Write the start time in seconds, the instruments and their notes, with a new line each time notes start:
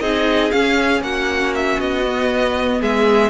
0.00 cello C4, viola D#4, violin G#4 D#5
0.51 viola C#4, cello C#4, violin F5
1.01 cello A#3, violin F#4 F#5
1.54 violin E5
1.79 cello B3, violin D#5
2.04 viola B3
2.80 cello G#3, violin G#4 E5